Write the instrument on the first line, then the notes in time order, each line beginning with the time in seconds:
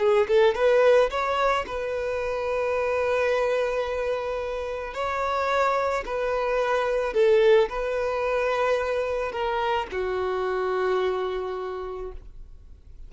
violin
0.00 G#4
0.28 A4
0.55 B4
1.11 C#5
1.67 B4
4.94 C#5
6.06 B4
7.14 A4
7.69 B4
9.32 A#4
9.92 F#4